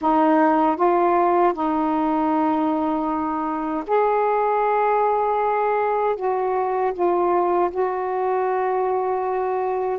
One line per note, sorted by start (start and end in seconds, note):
0.01 0.76 D#4
0.76 1.53 F4
1.53 3.84 D#4
3.86 6.16 G#4
6.16 6.93 F#4
6.93 7.70 F4
7.71 9.98 F#4